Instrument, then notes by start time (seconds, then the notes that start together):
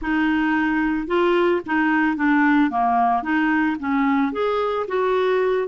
clarinet
0.01 D#4
1.07 F4
1.66 D#4
2.16 D4
2.70 A#3
3.23 D#4
3.79 C#4
4.32 G#4
4.87 F#4